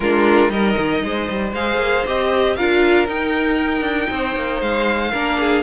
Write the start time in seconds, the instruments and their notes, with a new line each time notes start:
0.00 cello G#3, viola D4, violin F4 A#4
0.49 cello G3, viola D#4, violin A#4 D#5
0.77 cello D#3
1.03 cello G#3, violin C5
1.29 cello G3
1.52 cello G#3, viola G#4, violin F5
1.77 cello A#3
2.05 cello C4, viola G4, violin D#5
2.55 cello D4, viola F4, violin A#4 F5
3.06 viola D#4, cello D#4, violin G5
3.81 cello D4
4.10 cello C4, violin C5
4.35 cello A#3
4.61 cello G#3, violin F5
5.11 cello A#3, viola D4, violin A#4
5.39 violin G#4